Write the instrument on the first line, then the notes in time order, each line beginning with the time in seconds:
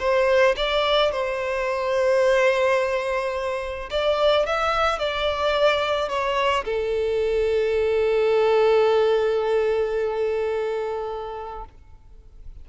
violin
0.00 C5
0.57 D5
1.12 C5
3.91 D5
4.46 E5
4.99 D5
6.09 C#5
6.65 A4